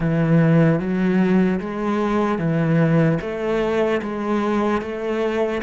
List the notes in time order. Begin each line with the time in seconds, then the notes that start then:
0.00 E3
0.79 F#3
1.60 G#3
2.38 E3
3.21 A3
4.01 G#3
4.81 A3